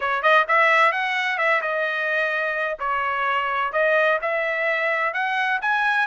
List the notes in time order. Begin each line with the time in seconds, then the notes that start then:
0.00 C#5
0.22 D#5
0.48 E5
0.92 F#5
1.37 E5
1.61 D#5
2.79 C#5
3.72 D#5
4.21 E5
5.13 F#5
5.61 G#5